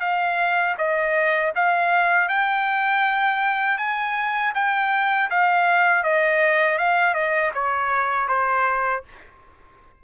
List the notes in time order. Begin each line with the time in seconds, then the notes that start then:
0.00 F5
0.77 D#5
1.55 F5
2.28 G5
3.78 G#5
4.54 G5
5.30 F5
6.03 D#5
6.78 F5
7.14 D#5
7.54 C#5
8.28 C5